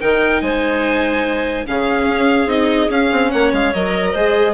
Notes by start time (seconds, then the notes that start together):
0.00 D#3 D#4 A#4 G5
0.41 G#3 C5 G#5
1.66 C#3 C#4 G#4 F5
2.07 C#4
2.46 C4 D#4 D#5
2.90 C#4 F5
3.11 C4
3.30 A#3 C#5 F#5
3.52 G#3 F5
3.73 F#3 A#4 D#5
4.11 G#3 G#4 C5